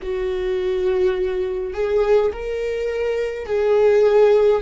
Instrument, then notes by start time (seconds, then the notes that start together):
viola
0.02 F#4
1.73 G#4
2.32 A#4
3.46 G#4